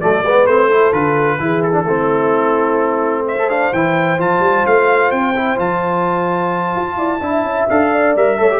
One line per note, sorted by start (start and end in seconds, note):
0.00 0.23 F#3
0.00 0.24 A3
0.00 0.23 A4
0.00 0.46 D5
0.23 0.46 G#3
0.23 0.47 B3
0.23 0.66 B4
0.46 0.92 A3
0.46 0.70 C4
0.46 0.92 C5
0.66 0.93 E4
0.66 1.36 A4
0.92 1.38 D3
0.92 1.39 F4
0.92 1.62 B4
1.39 1.84 E3
1.39 1.72 E4
1.39 1.84 G#4
1.62 3.25 A4
1.72 1.84 D4
1.84 3.71 A3
1.84 3.38 C4
1.84 3.23 E4
3.23 6.95 C5
3.23 3.49 E5
3.38 3.49 A4
3.49 3.72 D4
3.49 3.73 F5
3.72 4.18 E3
3.72 4.18 E4
3.72 4.19 G5
4.18 4.39 F3
4.18 5.34 F4
4.18 4.66 A5
4.39 4.62 G3
4.66 5.11 A3
4.66 5.11 F5
5.11 5.58 C4
5.11 5.57 G5
5.35 5.56 E4
5.56 6.74 F3
5.56 7.19 F4
5.56 7.68 A5
6.75 6.96 F4
6.96 7.19 E4
6.96 7.20 D5
7.20 7.43 D4
7.20 7.69 E4
7.20 7.90 E5
7.44 7.67 C#4
7.69 8.15 D4
7.69 8.16 A4
7.69 8.15 F5
7.92 8.38 D5
8.15 8.39 G3
8.15 8.38 A#4
8.15 8.60 E5
8.38 8.60 A3
8.38 8.49 A4
8.38 8.60 C#5
8.50 8.60 G4